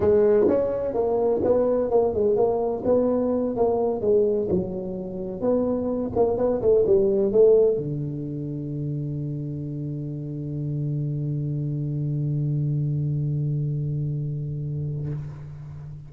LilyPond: \new Staff \with { instrumentName = "tuba" } { \time 4/4 \tempo 4 = 127 gis4 cis'4 ais4 b4 | ais8 gis8 ais4 b4. ais8~ | ais8 gis4 fis2 b8~ | b4 ais8 b8 a8 g4 a8~ |
a8 d2.~ d8~ | d1~ | d1~ | d1 | }